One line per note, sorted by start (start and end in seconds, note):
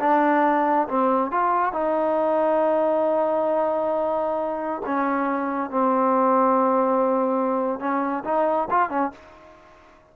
0.00 0.88 D4
0.89 1.32 C4
1.32 1.73 F4
1.73 4.82 D#4
4.86 5.71 C#4
5.71 7.80 C4
7.80 8.24 C#4
8.25 8.69 D#4
8.71 8.90 F4
8.90 9.12 C#4